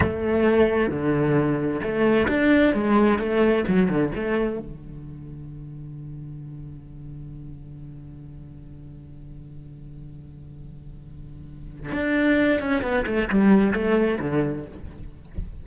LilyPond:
\new Staff \with { instrumentName = "cello" } { \time 4/4 \tempo 4 = 131 a2 d2 | a4 d'4 gis4 a4 | fis8 d8 a4 d2~ | d1~ |
d1~ | d1~ | d2 d'4. cis'8 | b8 a8 g4 a4 d4 | }